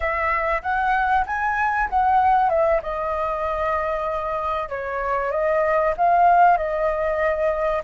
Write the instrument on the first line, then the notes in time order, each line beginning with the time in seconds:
flute
0.00 E5
0.62 F#5
1.26 G#5
1.89 F#5
2.49 E5
2.82 D#5
4.69 C#5
5.31 D#5
5.97 F5
6.57 D#5